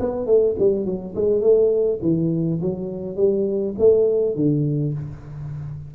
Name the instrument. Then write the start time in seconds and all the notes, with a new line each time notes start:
tuba
0.00 B3
0.26 A3
0.59 G3
0.86 F#3
1.16 G#3
1.41 A3
2.02 E3
2.61 F#3
3.16 G3
3.79 A3
4.35 D3